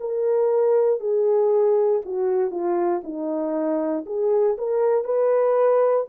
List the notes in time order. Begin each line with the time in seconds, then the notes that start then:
0.00 A#4
1.00 G#4
2.05 F#4
2.51 F4
3.04 D#4
4.06 G#4
4.58 A#4
5.05 B4